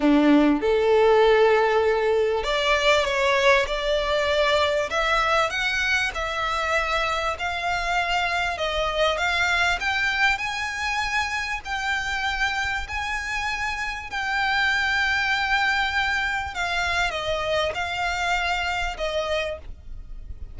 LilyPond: \new Staff \with { instrumentName = "violin" } { \time 4/4 \tempo 4 = 98 d'4 a'2. | d''4 cis''4 d''2 | e''4 fis''4 e''2 | f''2 dis''4 f''4 |
g''4 gis''2 g''4~ | g''4 gis''2 g''4~ | g''2. f''4 | dis''4 f''2 dis''4 | }